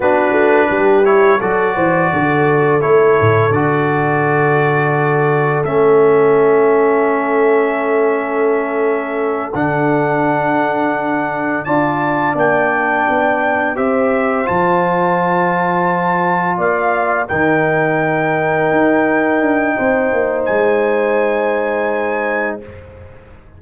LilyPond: <<
  \new Staff \with { instrumentName = "trumpet" } { \time 4/4 \tempo 4 = 85 b'4. cis''8 d''2 | cis''4 d''2. | e''1~ | e''4. fis''2~ fis''8~ |
fis''8 a''4 g''2 e''8~ | e''8 a''2. f''8~ | f''8 g''2.~ g''8~ | g''4 gis''2. | }
  \new Staff \with { instrumentName = "horn" } { \time 4/4 fis'4 g'4 a'8 c''8 a'4~ | a'1~ | a'1~ | a'1~ |
a'8 d''2. c''8~ | c''2.~ c''8 d''8~ | d''8 ais'2.~ ais'8 | c''1 | }
  \new Staff \with { instrumentName = "trombone" } { \time 4/4 d'4. e'8 fis'2 | e'4 fis'2. | cis'1~ | cis'4. d'2~ d'8~ |
d'8 f'4 d'2 g'8~ | g'8 f'2.~ f'8~ | f'8 dis'2.~ dis'8~ | dis'1 | }
  \new Staff \with { instrumentName = "tuba" } { \time 4/4 b8 a8 g4 fis8 e8 d4 | a8 a,8 d2. | a1~ | a4. d2~ d8~ |
d8 d'4 ais4 b4 c'8~ | c'8 f2. ais8~ | ais8 dis2 dis'4 d'8 | c'8 ais8 gis2. | }
>>